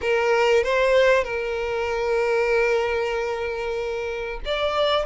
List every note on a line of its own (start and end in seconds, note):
0.01 0.63 A#4
0.63 1.24 C5
1.24 4.40 A#4
4.45 5.05 D5